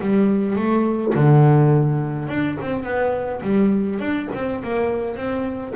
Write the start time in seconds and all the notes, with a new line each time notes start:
0.00 G3
0.55 A3
1.15 D3
2.28 D4
2.61 C4
2.83 B3
3.41 G3
3.99 D4
4.33 C4
4.63 A#3
5.16 C4